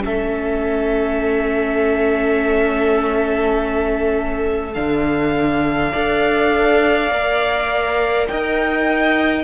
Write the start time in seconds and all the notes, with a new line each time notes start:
0.00 C#4 A4 E5
0.06 A3
4.73 D3 D4 F5
5.91 D4 A4 D5
7.10 A#3 A#4
8.27 D#4 D#5 G5